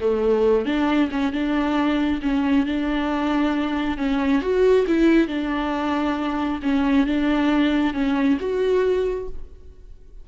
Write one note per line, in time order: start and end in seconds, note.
0.00 0.65 A3
0.65 1.09 D4
1.11 1.32 C#4
1.32 2.20 D4
2.22 2.66 C#4
2.66 3.97 D4
3.97 4.41 C#4
4.41 4.85 F#4
4.87 5.27 E4
5.27 6.60 D4
6.62 7.06 C#4
7.06 7.94 D4
7.94 8.38 C#4
8.40 9.28 F#4